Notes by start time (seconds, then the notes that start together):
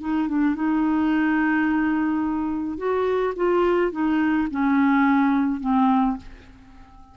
0.00 D#4
0.28 D4
0.55 D#4
2.77 F#4
3.36 F4
3.92 D#4
4.51 C#4
5.60 C4